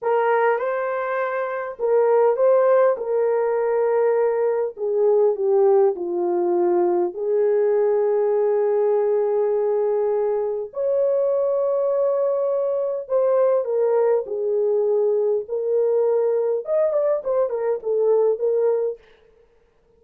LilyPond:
\new Staff \with { instrumentName = "horn" } { \time 4/4 \tempo 4 = 101 ais'4 c''2 ais'4 | c''4 ais'2. | gis'4 g'4 f'2 | gis'1~ |
gis'2 cis''2~ | cis''2 c''4 ais'4 | gis'2 ais'2 | dis''8 d''8 c''8 ais'8 a'4 ais'4 | }